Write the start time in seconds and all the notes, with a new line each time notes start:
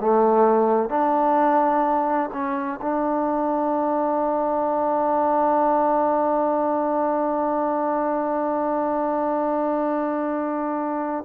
0.00 A3
0.89 D4
2.33 C#4
2.81 D4